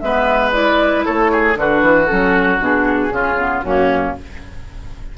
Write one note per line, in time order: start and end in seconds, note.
0.00 1.05 G#3
0.00 0.53 B3
0.00 1.05 B4
0.00 0.52 E5
0.53 1.55 E4
0.53 1.04 D5
1.05 1.57 A3
1.05 1.31 A4
1.05 1.57 C#5
1.32 1.58 G#4
1.55 1.82 D3
1.55 2.06 D4
1.55 3.14 F#4
1.55 2.07 B4
1.83 2.09 E3
2.07 2.60 F#3
2.07 2.60 C#4
2.07 2.58 A4
2.60 3.10 B2
2.60 3.11 D4
2.60 3.61 G#4
3.10 3.62 C#3
3.10 3.37 C#4
3.10 3.65 F4
3.38 3.64 B3
3.61 4.16 F#2
3.61 4.18 A#3
3.61 4.17 C#4
3.61 4.13 F#4